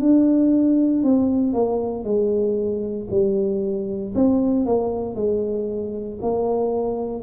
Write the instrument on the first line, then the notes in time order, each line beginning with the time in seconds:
tuba
0.00 D4
1.03 C4
1.53 A#3
2.04 G#3
3.10 G3
4.15 C4
4.66 A#3
5.15 G#3
6.22 A#3